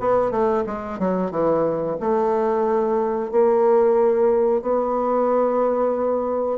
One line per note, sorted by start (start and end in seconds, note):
0.00 0.31 B3
0.31 0.64 A3
0.66 0.99 G#3
0.99 1.31 F#3
1.31 1.97 E3
2.00 3.31 A3
3.31 4.62 A#3
4.62 6.58 B3